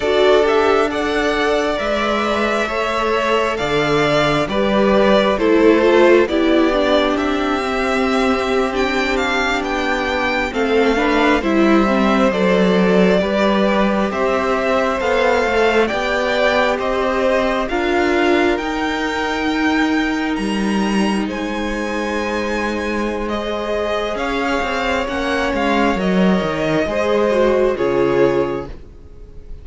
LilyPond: <<
  \new Staff \with { instrumentName = "violin" } { \time 4/4 \tempo 4 = 67 d''8 e''8 fis''4 e''2 | f''4 d''4 c''4 d''4 | e''4.~ e''16 g''8 f''8 g''4 f''16~ | f''8. e''4 d''2 e''16~ |
e''8. f''4 g''4 dis''4 f''16~ | f''8. g''2 ais''4 gis''16~ | gis''2 dis''4 f''4 | fis''8 f''8 dis''2 cis''4 | }
  \new Staff \with { instrumentName = "violin" } { \time 4/4 a'4 d''2 cis''4 | d''4 b'4 a'4 g'4~ | g'2.~ g'8. a'16~ | a'16 b'8 c''2 b'4 c''16~ |
c''4.~ c''16 d''4 c''4 ais'16~ | ais'2.~ ais'8. c''16~ | c''2. cis''4~ | cis''2 c''4 gis'4 | }
  \new Staff \with { instrumentName = "viola" } { \time 4/4 fis'8 g'8 a'4 b'4 a'4~ | a'4 g'4 e'8 f'8 e'8 d'8~ | d'8 c'4~ c'16 d'2 c'16~ | c'16 d'8 e'8 c'8 a'4 g'4~ g'16~ |
g'8. a'4 g'2 f'16~ | f'8. dis'2.~ dis'16~ | dis'2 gis'2 | cis'4 ais'4 gis'8 fis'8 f'4 | }
  \new Staff \with { instrumentName = "cello" } { \time 4/4 d'2 gis4 a4 | d4 g4 a4 b4 | c'2~ c'8. b4 a16~ | a8. g4 fis4 g4 c'16~ |
c'8. b8 a8 b4 c'4 d'16~ | d'8. dis'2 g4 gis16~ | gis2. cis'8 c'8 | ais8 gis8 fis8 dis8 gis4 cis4 | }
>>